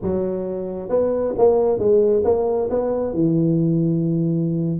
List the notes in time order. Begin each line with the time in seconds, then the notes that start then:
0.01 F#3
0.89 B3
1.38 A#3
1.78 G#3
2.24 A#3
2.69 B3
3.13 E3